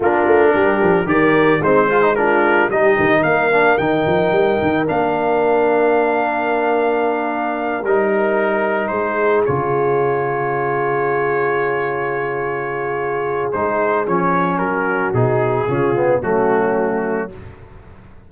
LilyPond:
<<
  \new Staff \with { instrumentName = "trumpet" } { \time 4/4 \tempo 4 = 111 ais'2 d''4 c''4 | ais'4 dis''4 f''4 g''4~ | g''4 f''2.~ | f''2~ f''8 ais'4.~ |
ais'8 c''4 cis''2~ cis''8~ | cis''1~ | cis''4 c''4 cis''4 ais'4 | gis'2 fis'2 | }
  \new Staff \with { instrumentName = "horn" } { \time 4/4 f'4 g'4 ais'4 dis'8 gis'8 | f'4 g'4 ais'2~ | ais'1~ | ais'1~ |
ais'8 gis'2.~ gis'8~ | gis'1~ | gis'2. fis'4~ | fis'4 f'4 cis'2 | }
  \new Staff \with { instrumentName = "trombone" } { \time 4/4 d'2 g'4 c'8 f'16 dis'16 | d'4 dis'4. d'8 dis'4~ | dis'4 d'2.~ | d'2~ d'8 dis'4.~ |
dis'4. f'2~ f'8~ | f'1~ | f'4 dis'4 cis'2 | dis'4 cis'8 b8 a2 | }
  \new Staff \with { instrumentName = "tuba" } { \time 4/4 ais8 a8 g8 f8 dis4 gis4~ | gis4 g8 dis8 ais4 dis8 f8 | g8 dis8 ais2.~ | ais2~ ais8 g4.~ |
g8 gis4 cis2~ cis8~ | cis1~ | cis4 gis4 f4 fis4 | b,4 cis4 fis2 | }
>>